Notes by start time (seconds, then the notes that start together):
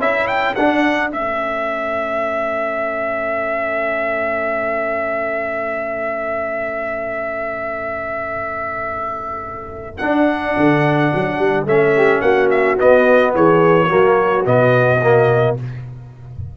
0.00 C#4 E4 A4 E5
0.27 G5
0.56 D4 F#5
1.11 A3 C#4 E5
9.98 D4 F#5
10.57 D3
11.14 F#3
11.39 G3
11.66 A3 C#4 E5
11.96 G4
12.21 A#3 F#4 F#5
12.51 E5
12.77 B3 D#5
13.35 E3 G#4 C#5
13.89 F#3 A#3 F#4
14.45 B2 B3 D#5
15.02 A#3